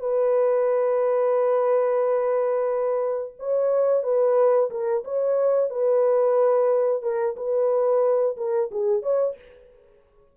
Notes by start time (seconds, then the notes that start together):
0.00 B4
3.39 C#5
4.03 B4
4.71 A#4
5.04 C#5
5.70 B4
7.02 A#4
7.37 B4
8.37 A#4
8.71 G#4
9.02 C#5